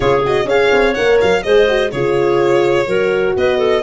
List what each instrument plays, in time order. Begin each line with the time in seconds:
0.00 tuba C#3, horn F4, clarinet G#4, violin C#5
0.25 horn F#4, violin D#5
0.44 tuba C#4, horn G#4, clarinet C#5, violin F5
0.72 tuba C4
0.94 tuba A#3, horn A#4, violin F#5
1.20 tuba F#3, violin F5
1.43 tuba G#3, horn G#4, clarinet C5, violin D#5
1.68 horn F#4
1.91 tuba C#3, horn F4, clarinet G#4, violin C#5
2.87 tuba F#3, horn F#4, clarinet A#4
3.36 tuba B3, clarinet B4, violin D#5
3.58 clarinet A4